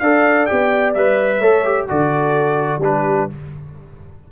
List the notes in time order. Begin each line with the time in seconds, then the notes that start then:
0.00 D4 A4 D5 F5
0.46 B3 G4 G5
0.94 G3 B4 E5
1.39 A3 A4 C#5
1.65 G4
1.88 D3 F#4 A4 D5
2.78 G3 D4
2.84 G4 B4